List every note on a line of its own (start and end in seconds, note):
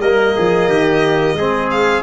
0.00 0.34 G3
0.00 1.38 A#3
0.00 0.35 A#4
0.00 1.69 D#5
0.36 0.68 F3
0.36 0.69 G#4
0.68 1.33 D#3
0.68 1.36 G4
1.33 2.01 G#3
1.33 2.02 C4
1.33 2.02 G#4
1.71 2.02 F5